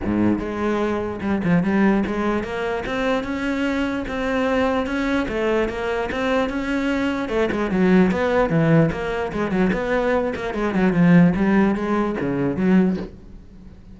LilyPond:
\new Staff \with { instrumentName = "cello" } { \time 4/4 \tempo 4 = 148 gis,4 gis2 g8 f8 | g4 gis4 ais4 c'4 | cis'2 c'2 | cis'4 a4 ais4 c'4 |
cis'2 a8 gis8 fis4 | b4 e4 ais4 gis8 fis8 | b4. ais8 gis8 fis8 f4 | g4 gis4 cis4 fis4 | }